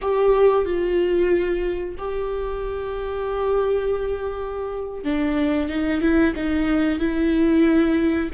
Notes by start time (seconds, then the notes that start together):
0.01 G4
0.65 F4
1.97 G4
5.04 D4
5.69 D#4
6.01 E4
6.35 D#4
6.99 E4